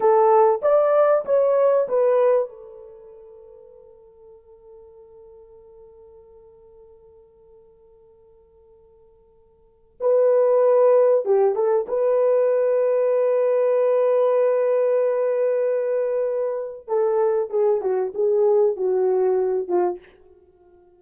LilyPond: \new Staff \with { instrumentName = "horn" } { \time 4/4 \tempo 4 = 96 a'4 d''4 cis''4 b'4 | a'1~ | a'1~ | a'1 |
b'2 g'8 a'8 b'4~ | b'1~ | b'2. a'4 | gis'8 fis'8 gis'4 fis'4. f'8 | }